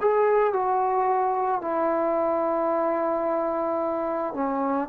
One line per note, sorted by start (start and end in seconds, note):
0.00 0.53 G#4
0.53 1.61 F#4
1.61 4.33 E4
4.33 4.88 C#4